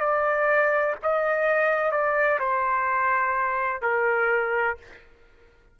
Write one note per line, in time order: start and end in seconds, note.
0.00 0.95 D5
1.02 1.91 D#5
1.91 2.39 D5
2.39 3.82 C5
3.82 4.77 A#4